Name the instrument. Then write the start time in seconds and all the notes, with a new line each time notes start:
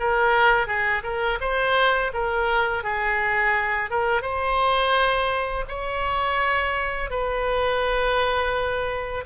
oboe
0.00 A#4
0.67 G#4
1.03 A#4
1.41 C5
2.14 A#4
2.84 G#4
3.91 A#4
4.22 C5
5.69 C#5
7.11 B4